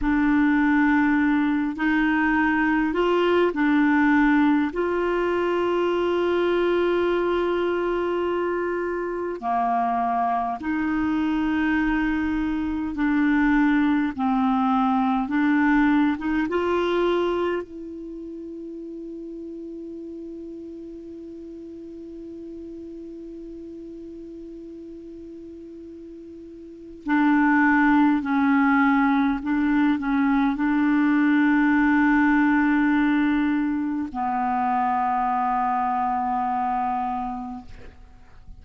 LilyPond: \new Staff \with { instrumentName = "clarinet" } { \time 4/4 \tempo 4 = 51 d'4. dis'4 f'8 d'4 | f'1 | ais4 dis'2 d'4 | c'4 d'8. dis'16 f'4 e'4~ |
e'1~ | e'2. d'4 | cis'4 d'8 cis'8 d'2~ | d'4 b2. | }